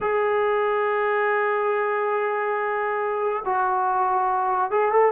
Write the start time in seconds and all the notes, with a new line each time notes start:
0.00 G#4
3.45 F#4
4.71 G#4
4.92 A4